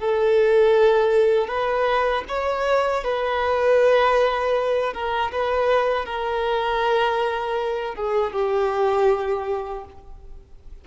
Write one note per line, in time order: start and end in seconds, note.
0.00 1.48 A4
1.48 2.24 B4
2.29 3.04 C#5
3.04 4.94 B4
4.94 5.32 A#4
5.32 6.06 B4
6.06 7.95 A#4
7.95 8.33 G#4
8.33 9.85 G4